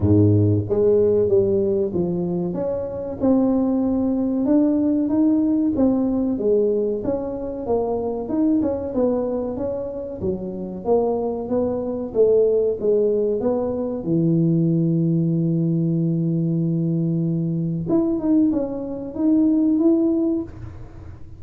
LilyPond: \new Staff \with { instrumentName = "tuba" } { \time 4/4 \tempo 4 = 94 gis,4 gis4 g4 f4 | cis'4 c'2 d'4 | dis'4 c'4 gis4 cis'4 | ais4 dis'8 cis'8 b4 cis'4 |
fis4 ais4 b4 a4 | gis4 b4 e2~ | e1 | e'8 dis'8 cis'4 dis'4 e'4 | }